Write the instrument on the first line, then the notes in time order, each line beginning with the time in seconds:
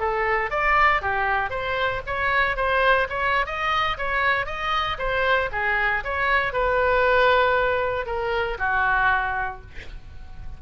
oboe
0.00 A4
0.51 D5
1.02 G4
1.50 C5
2.07 C#5
2.57 C5
3.09 C#5
3.46 D#5
3.98 C#5
4.46 D#5
4.99 C5
5.52 G#4
6.04 C#5
6.53 B4
8.07 A#4
8.59 F#4